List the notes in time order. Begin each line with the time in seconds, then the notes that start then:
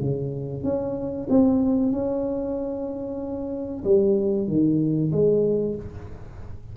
0.00 C#3
0.63 C#4
1.29 C4
1.92 C#4
3.84 G3
4.47 D#3
5.12 G#3